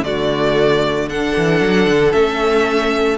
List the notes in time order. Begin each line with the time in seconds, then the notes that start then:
0.00 D3 A3 F#4 D5
1.09 D4 A4 F#5
1.37 E3
1.61 F#3
1.87 D3
2.12 A3 C#4 E5